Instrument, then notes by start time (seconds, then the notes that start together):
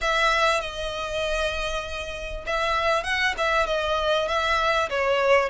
violin
0.01 E5
0.61 D#5
2.46 E5
3.03 F#5
3.37 E5
3.66 D#5
4.27 E5
4.89 C#5